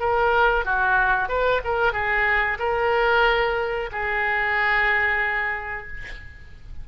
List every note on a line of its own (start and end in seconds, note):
0.00 0.65 A#4
0.66 1.29 F#4
1.29 1.61 B4
1.65 1.93 A#4
1.93 2.58 G#4
2.59 3.90 A#4
3.92 5.88 G#4